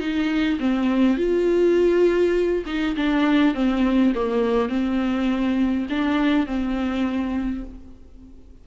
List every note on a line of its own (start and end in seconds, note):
0.00 0.59 D#4
0.60 1.17 C4
1.17 2.64 F4
2.66 2.96 D#4
2.97 3.55 D4
3.55 4.14 C4
4.15 4.69 A#3
4.69 5.87 C4
5.90 6.47 D4
6.47 7.64 C4